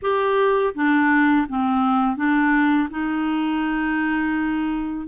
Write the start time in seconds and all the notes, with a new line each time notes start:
0.02 G4
0.74 D4
1.48 C4
2.16 D4
2.90 D#4